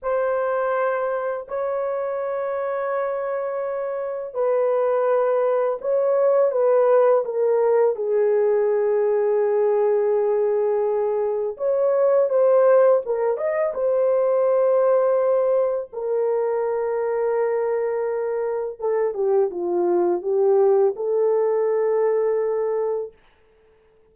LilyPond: \new Staff \with { instrumentName = "horn" } { \time 4/4 \tempo 4 = 83 c''2 cis''2~ | cis''2 b'2 | cis''4 b'4 ais'4 gis'4~ | gis'1 |
cis''4 c''4 ais'8 dis''8 c''4~ | c''2 ais'2~ | ais'2 a'8 g'8 f'4 | g'4 a'2. | }